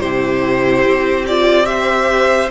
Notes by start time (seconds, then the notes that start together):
0.00 C3 E4 G4 C5
0.85 C4
1.27 F4 D5
1.64 G4 C5 E5